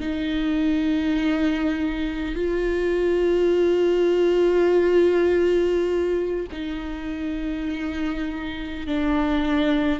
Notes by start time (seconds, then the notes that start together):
0.00 D#4
2.35 F4
6.52 D#4
8.87 D4